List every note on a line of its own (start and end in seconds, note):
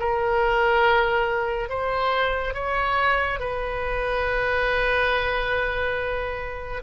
0.00 1.69 A#4
1.69 2.54 C5
2.54 3.40 C#5
3.40 6.83 B4